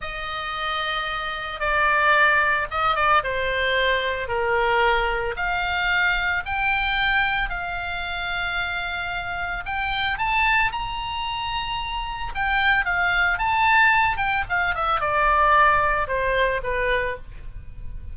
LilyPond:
\new Staff \with { instrumentName = "oboe" } { \time 4/4 \tempo 4 = 112 dis''2. d''4~ | d''4 dis''8 d''8 c''2 | ais'2 f''2 | g''2 f''2~ |
f''2 g''4 a''4 | ais''2. g''4 | f''4 a''4. g''8 f''8 e''8 | d''2 c''4 b'4 | }